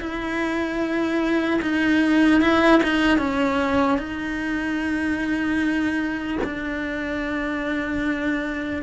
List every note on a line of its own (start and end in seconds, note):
0.00 1.60 E4
1.62 2.41 D#4
2.41 2.81 E4
2.83 3.18 D#4
3.18 3.98 C#4
3.99 6.39 D#4
6.44 8.83 D4